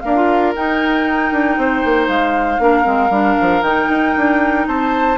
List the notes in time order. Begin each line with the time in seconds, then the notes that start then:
0.00 A#3 D4 A#4 F5
0.15 F4
0.55 D#4 G5
1.31 D4
1.57 C4 C5
1.84 A#3
2.08 G#3 F5
2.58 A#3 D4 A#4
2.83 G#3 C4
3.09 G3 D4
3.40 F3
3.61 D#3 D#4 G5
3.89 D#4
4.16 D4
4.67 C4 C5 A5